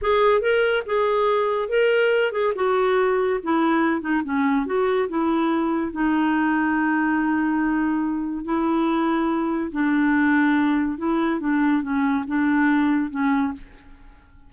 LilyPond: \new Staff \with { instrumentName = "clarinet" } { \time 4/4 \tempo 4 = 142 gis'4 ais'4 gis'2 | ais'4. gis'8 fis'2 | e'4. dis'8 cis'4 fis'4 | e'2 dis'2~ |
dis'1 | e'2. d'4~ | d'2 e'4 d'4 | cis'4 d'2 cis'4 | }